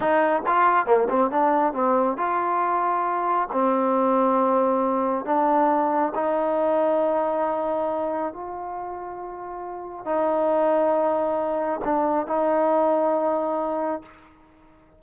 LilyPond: \new Staff \with { instrumentName = "trombone" } { \time 4/4 \tempo 4 = 137 dis'4 f'4 ais8 c'8 d'4 | c'4 f'2. | c'1 | d'2 dis'2~ |
dis'2. f'4~ | f'2. dis'4~ | dis'2. d'4 | dis'1 | }